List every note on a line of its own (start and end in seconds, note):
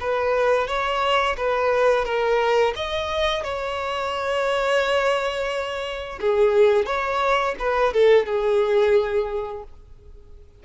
0.00 0.67 B4
0.67 1.36 C#5
1.36 2.04 B4
2.04 2.73 A#4
2.75 3.43 D#5
3.43 6.19 C#5
6.20 6.86 G#4
6.86 7.55 C#5
7.59 7.93 B4
7.93 8.25 A4
8.25 9.63 G#4